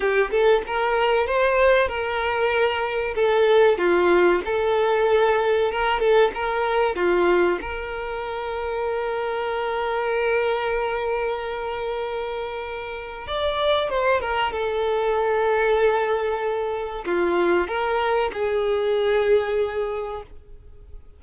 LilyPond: \new Staff \with { instrumentName = "violin" } { \time 4/4 \tempo 4 = 95 g'8 a'8 ais'4 c''4 ais'4~ | ais'4 a'4 f'4 a'4~ | a'4 ais'8 a'8 ais'4 f'4 | ais'1~ |
ais'1~ | ais'4 d''4 c''8 ais'8 a'4~ | a'2. f'4 | ais'4 gis'2. | }